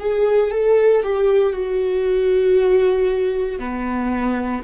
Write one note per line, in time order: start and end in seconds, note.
0.00 0.52 G#4
0.52 1.03 A4
1.03 1.54 G4
1.54 3.60 F#4
3.60 4.63 B3